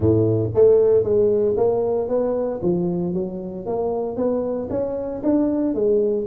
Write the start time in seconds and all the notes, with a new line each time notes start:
0.00 A2
0.54 A3
1.03 G#3
1.57 A#3
2.08 B3
2.62 F3
3.13 F#3
3.66 A#3
4.16 B3
4.70 C#4
5.23 D4
5.74 G#3